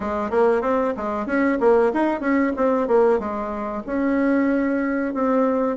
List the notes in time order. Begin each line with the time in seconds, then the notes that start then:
0.00 G#3
0.30 A#3
0.61 C4
0.97 G#3
1.26 C#4
1.60 A#3
1.93 D#4
2.20 C#4
2.56 C4
2.87 A#3
3.19 G#3
3.86 C#4
5.14 C4